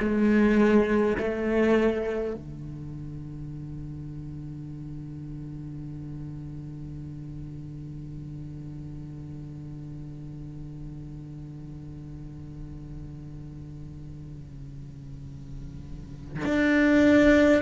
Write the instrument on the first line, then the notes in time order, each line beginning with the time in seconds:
cello
0.00 G#3
1.18 A3
2.35 D3
16.45 D4